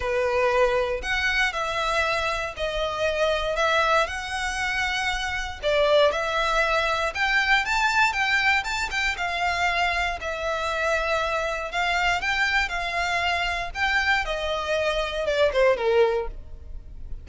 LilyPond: \new Staff \with { instrumentName = "violin" } { \time 4/4 \tempo 4 = 118 b'2 fis''4 e''4~ | e''4 dis''2 e''4 | fis''2. d''4 | e''2 g''4 a''4 |
g''4 a''8 g''8 f''2 | e''2. f''4 | g''4 f''2 g''4 | dis''2 d''8 c''8 ais'4 | }